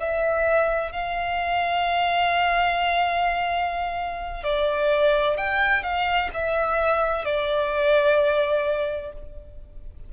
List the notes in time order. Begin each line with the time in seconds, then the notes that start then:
0.00 E5
0.92 F5
4.44 D5
5.38 G5
5.84 F5
6.34 E5
7.25 D5